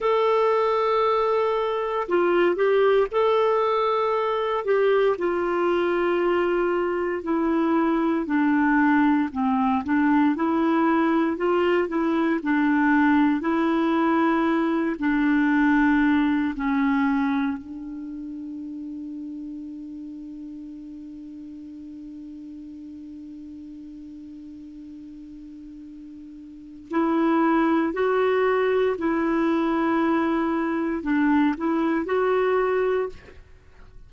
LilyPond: \new Staff \with { instrumentName = "clarinet" } { \time 4/4 \tempo 4 = 58 a'2 f'8 g'8 a'4~ | a'8 g'8 f'2 e'4 | d'4 c'8 d'8 e'4 f'8 e'8 | d'4 e'4. d'4. |
cis'4 d'2.~ | d'1~ | d'2 e'4 fis'4 | e'2 d'8 e'8 fis'4 | }